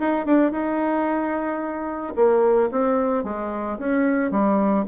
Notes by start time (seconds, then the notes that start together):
0.00 D#4
0.26 D4
0.52 D#4
2.16 A#3
2.71 C4
3.24 G#3
3.79 C#4
4.31 G3